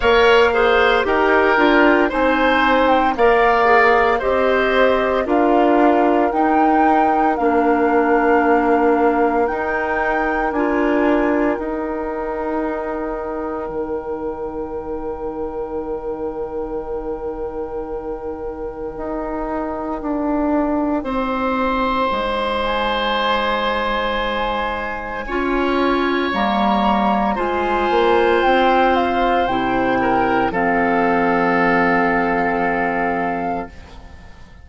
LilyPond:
<<
  \new Staff \with { instrumentName = "flute" } { \time 4/4 \tempo 4 = 57 f''4 g''4 gis''8. g''16 f''4 | dis''4 f''4 g''4 f''4~ | f''4 g''4 gis''4 g''4~ | g''1~ |
g''1~ | g''4. gis''2~ gis''8~ | gis''4 ais''4 gis''4 g''8 f''8 | g''4 f''2. | }
  \new Staff \with { instrumentName = "oboe" } { \time 4/4 cis''8 c''8 ais'4 c''4 d''4 | c''4 ais'2.~ | ais'1~ | ais'1~ |
ais'1 | c''1 | cis''2 c''2~ | c''8 ais'8 a'2. | }
  \new Staff \with { instrumentName = "clarinet" } { \time 4/4 ais'8 gis'8 g'8 f'8 dis'4 ais'8 gis'8 | g'4 f'4 dis'4 d'4~ | d'4 dis'4 f'4 dis'4~ | dis'1~ |
dis'1~ | dis'1 | f'4 ais4 f'2 | e'4 c'2. | }
  \new Staff \with { instrumentName = "bassoon" } { \time 4/4 ais4 dis'8 d'8 c'4 ais4 | c'4 d'4 dis'4 ais4~ | ais4 dis'4 d'4 dis'4~ | dis'4 dis2.~ |
dis2 dis'4 d'4 | c'4 gis2. | cis'4 g4 gis8 ais8 c'4 | c4 f2. | }
>>